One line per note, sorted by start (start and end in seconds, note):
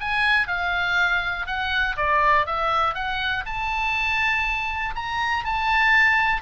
0.00 0.47 G#5
0.47 1.46 F5
1.46 1.96 F#5
1.96 2.46 D5
2.46 2.94 E5
2.94 3.44 F#5
3.45 4.94 A5
4.95 5.44 A#5
5.44 6.41 A5